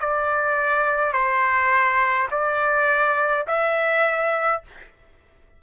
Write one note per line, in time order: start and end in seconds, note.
0.00 1.13 D5
1.13 2.28 C5
2.31 3.46 D5
3.47 4.63 E5